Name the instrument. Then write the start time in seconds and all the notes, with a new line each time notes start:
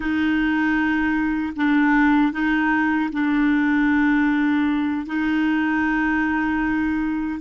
clarinet
0.00 D#4
1.56 D4
2.32 D#4
3.12 D4
5.06 D#4